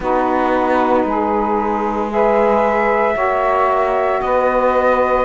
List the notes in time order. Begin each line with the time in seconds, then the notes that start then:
0.00 B3 D#4 F#4 B4
1.04 G#3 G#4
2.09 G#4 B4 E5
3.14 A#3 F#4 C#5
4.21 B3 B4 D#5